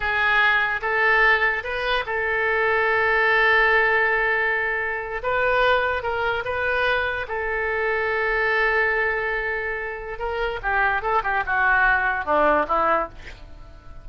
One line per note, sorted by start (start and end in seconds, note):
0.00 0.81 G#4
0.81 1.63 A4
1.63 2.04 B4
2.05 5.22 A4
5.22 6.03 B4
6.03 6.43 A#4
6.45 7.26 B4
7.27 10.19 A4
10.19 10.59 A#4
10.62 11.02 G4
11.02 11.22 A4
11.23 11.43 G4
11.45 12.25 F#4
12.25 12.65 D4
12.68 13.09 E4